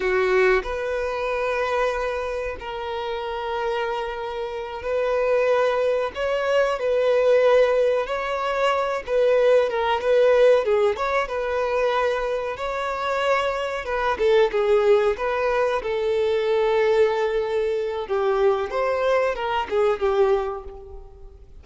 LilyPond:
\new Staff \with { instrumentName = "violin" } { \time 4/4 \tempo 4 = 93 fis'4 b'2. | ais'2.~ ais'8 b'8~ | b'4. cis''4 b'4.~ | b'8 cis''4. b'4 ais'8 b'8~ |
b'8 gis'8 cis''8 b'2 cis''8~ | cis''4. b'8 a'8 gis'4 b'8~ | b'8 a'2.~ a'8 | g'4 c''4 ais'8 gis'8 g'4 | }